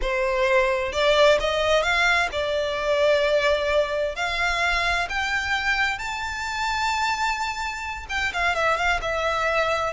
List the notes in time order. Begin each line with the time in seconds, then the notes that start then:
0.01 C5
0.92 D5
1.40 D#5
1.82 F5
2.31 D5
4.15 F5
5.09 G5
5.98 A5
8.09 G5
8.33 F5
8.55 E5
8.76 F5
9.01 E5